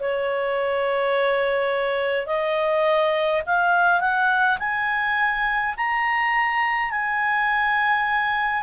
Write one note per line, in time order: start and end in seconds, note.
0.00 2.27 C#5
2.27 3.42 D#5
3.46 4.00 F5
4.00 4.58 F#5
4.59 5.75 G#5
5.77 6.91 A#5
6.91 8.63 G#5